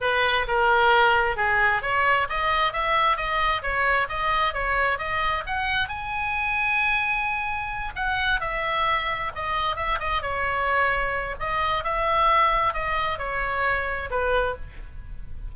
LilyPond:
\new Staff \with { instrumentName = "oboe" } { \time 4/4 \tempo 4 = 132 b'4 ais'2 gis'4 | cis''4 dis''4 e''4 dis''4 | cis''4 dis''4 cis''4 dis''4 | fis''4 gis''2.~ |
gis''4. fis''4 e''4.~ | e''8 dis''4 e''8 dis''8 cis''4.~ | cis''4 dis''4 e''2 | dis''4 cis''2 b'4 | }